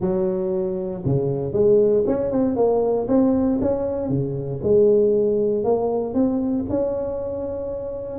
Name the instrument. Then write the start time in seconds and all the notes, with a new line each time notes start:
tuba
0.00 F#3
1.05 C#3
1.52 G#3
2.07 C#4
2.31 C4
2.56 A#3
3.08 C4
3.61 C#4
4.09 C#3
4.63 G#3
5.64 A#3
6.14 C4
6.69 C#4